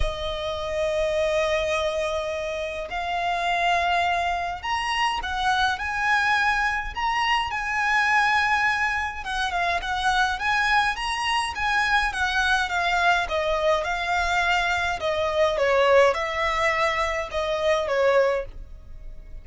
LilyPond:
\new Staff \with { instrumentName = "violin" } { \time 4/4 \tempo 4 = 104 dis''1~ | dis''4 f''2. | ais''4 fis''4 gis''2 | ais''4 gis''2. |
fis''8 f''8 fis''4 gis''4 ais''4 | gis''4 fis''4 f''4 dis''4 | f''2 dis''4 cis''4 | e''2 dis''4 cis''4 | }